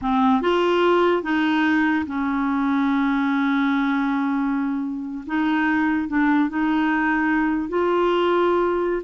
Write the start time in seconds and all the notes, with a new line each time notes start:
0.01 C4
0.41 F4
1.23 D#4
2.06 C#4
5.26 D#4
6.08 D4
6.49 D#4
7.68 F4